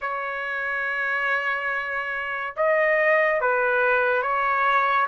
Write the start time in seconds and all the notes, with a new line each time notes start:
0.01 C#5
2.56 D#5
3.40 B4
4.22 C#5